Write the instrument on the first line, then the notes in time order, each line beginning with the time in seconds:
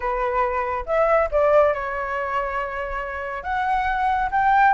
flute
0.00 B4
0.86 E5
1.31 D5
1.73 C#5
3.43 F#5
4.31 G5